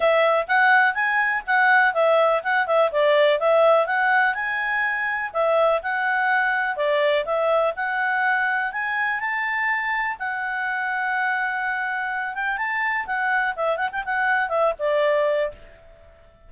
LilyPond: \new Staff \with { instrumentName = "clarinet" } { \time 4/4 \tempo 4 = 124 e''4 fis''4 gis''4 fis''4 | e''4 fis''8 e''8 d''4 e''4 | fis''4 gis''2 e''4 | fis''2 d''4 e''4 |
fis''2 gis''4 a''4~ | a''4 fis''2.~ | fis''4. g''8 a''4 fis''4 | e''8 fis''16 g''16 fis''4 e''8 d''4. | }